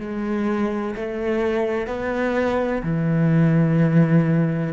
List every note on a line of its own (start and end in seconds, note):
0.00 0.95 G#3
0.96 1.87 A3
1.87 2.83 B3
2.83 4.74 E3